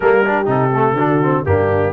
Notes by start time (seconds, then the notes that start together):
0.00 G3 A#3 A4 A#4
0.25 D4 G4
0.45 C3 D#4 A4
0.73 A3
0.93 D3 D4 F#4
1.22 C4
1.45 G2 A#3 D4 G4